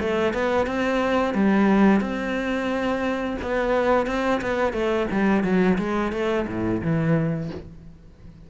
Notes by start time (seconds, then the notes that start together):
0.00 A3
0.33 B3
0.67 C4
1.34 G3
2.01 C4
3.42 B3
4.07 C4
4.42 B3
4.73 A3
5.11 G3
5.44 F#3
5.78 G#3
6.12 A3
6.47 A2
6.82 E3